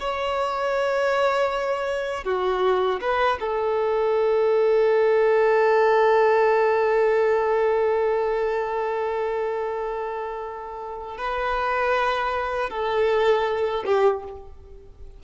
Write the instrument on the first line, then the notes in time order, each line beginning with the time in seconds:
violin
0.00 C#5
2.25 F#4
3.01 B4
3.41 A4
11.19 B4
12.70 A4
13.86 G4